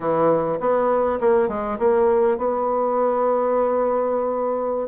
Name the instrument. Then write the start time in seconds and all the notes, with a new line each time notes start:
bassoon
0.00 E3
0.59 B3
1.20 A#3
1.48 G#3
1.78 A#3
2.37 B3